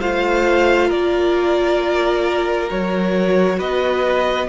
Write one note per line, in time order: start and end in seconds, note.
0.00 0.90 A3
0.00 2.68 F4
0.00 0.88 C5
0.00 0.90 F5
0.88 2.69 A#3
0.88 3.56 A#4
0.88 2.69 D5
2.68 3.60 F#3
2.68 4.47 F#4
2.68 3.59 C#5
3.57 4.48 B3
3.57 4.47 B4
3.57 4.48 D#5